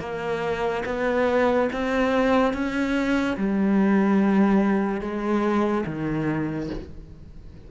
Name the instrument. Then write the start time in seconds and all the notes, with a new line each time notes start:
cello
0.00 A#3
0.86 B3
1.72 C4
2.53 C#4
3.37 G3
5.01 G#3
5.86 D#3